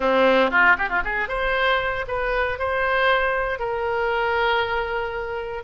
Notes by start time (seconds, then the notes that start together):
0.00 C4
0.50 F4
0.77 G4
0.89 F4
1.04 G#4
1.28 C5
2.07 B4
2.58 C5
3.59 A#4